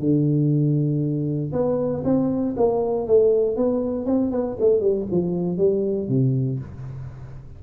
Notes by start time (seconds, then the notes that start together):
0.00 D3
1.53 B3
2.05 C4
2.57 A#3
3.08 A3
3.57 B3
4.06 C4
4.32 B3
4.60 A3
4.81 G3
5.11 F3
5.58 G3
6.09 C3